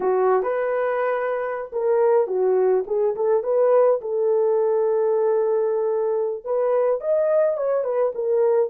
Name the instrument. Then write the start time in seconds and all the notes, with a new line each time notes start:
horn
0.00 F#4
0.42 B4
1.72 A#4
2.27 F#4
2.86 G#4
3.15 A4
3.43 B4
4.01 A4
6.44 B4
7.01 D#5
7.57 C#5
7.83 B4
8.14 A#4